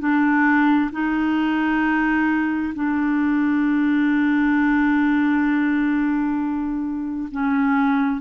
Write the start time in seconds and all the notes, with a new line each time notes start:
0.00 D4
0.92 D#4
2.75 D4
7.32 C#4